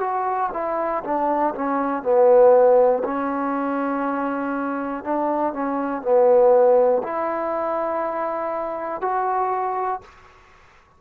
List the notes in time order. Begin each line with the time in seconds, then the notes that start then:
0.00 F#4
0.53 E4
1.04 D4
1.55 C#4
2.02 B3
3.04 C#4
5.04 D4
5.53 C#4
6.02 B3
7.03 E4
9.01 F#4